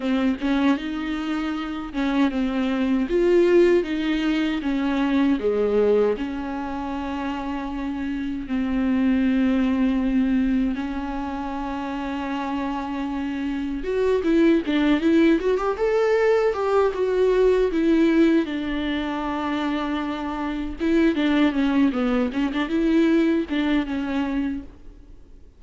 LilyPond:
\new Staff \with { instrumentName = "viola" } { \time 4/4 \tempo 4 = 78 c'8 cis'8 dis'4. cis'8 c'4 | f'4 dis'4 cis'4 gis4 | cis'2. c'4~ | c'2 cis'2~ |
cis'2 fis'8 e'8 d'8 e'8 | fis'16 g'16 a'4 g'8 fis'4 e'4 | d'2. e'8 d'8 | cis'8 b8 cis'16 d'16 e'4 d'8 cis'4 | }